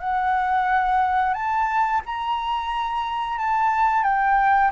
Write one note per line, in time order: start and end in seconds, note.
0.00 1.34 F#5
1.34 2.01 A5
2.06 3.38 A#5
3.38 4.03 A5
4.03 4.71 G5